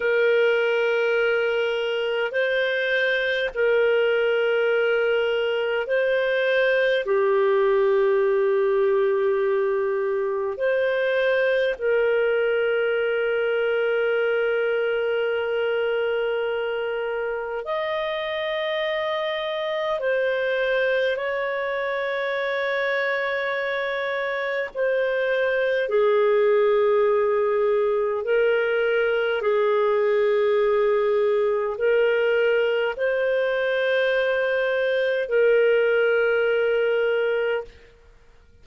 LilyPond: \new Staff \with { instrumentName = "clarinet" } { \time 4/4 \tempo 4 = 51 ais'2 c''4 ais'4~ | ais'4 c''4 g'2~ | g'4 c''4 ais'2~ | ais'2. dis''4~ |
dis''4 c''4 cis''2~ | cis''4 c''4 gis'2 | ais'4 gis'2 ais'4 | c''2 ais'2 | }